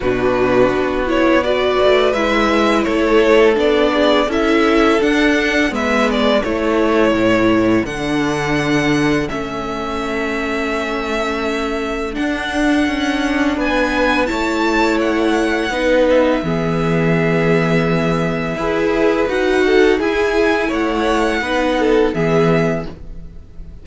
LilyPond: <<
  \new Staff \with { instrumentName = "violin" } { \time 4/4 \tempo 4 = 84 b'4. cis''8 d''4 e''4 | cis''4 d''4 e''4 fis''4 | e''8 d''8 cis''2 fis''4~ | fis''4 e''2.~ |
e''4 fis''2 gis''4 | a''4 fis''4. e''4.~ | e''2. fis''4 | gis''4 fis''2 e''4 | }
  \new Staff \with { instrumentName = "violin" } { \time 4/4 fis'2 b'2 | a'4. gis'8 a'2 | b'4 a'2.~ | a'1~ |
a'2. b'4 | cis''2 b'4 gis'4~ | gis'2 b'4. a'8 | gis'4 cis''4 b'8 a'8 gis'4 | }
  \new Staff \with { instrumentName = "viola" } { \time 4/4 d'4. e'8 fis'4 e'4~ | e'4 d'4 e'4 d'4 | b4 e'2 d'4~ | d'4 cis'2.~ |
cis'4 d'2. | e'2 dis'4 b4~ | b2 gis'4 fis'4 | e'2 dis'4 b4 | }
  \new Staff \with { instrumentName = "cello" } { \time 4/4 b,4 b4. a8 gis4 | a4 b4 cis'4 d'4 | gis4 a4 a,4 d4~ | d4 a2.~ |
a4 d'4 cis'4 b4 | a2 b4 e4~ | e2 e'4 dis'4 | e'4 a4 b4 e4 | }
>>